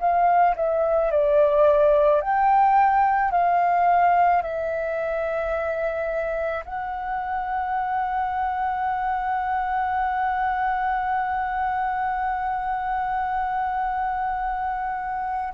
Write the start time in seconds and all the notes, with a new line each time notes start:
0.00 F5
0.56 E5
1.12 D5
2.21 G5
3.32 F5
4.42 E5
6.65 F#5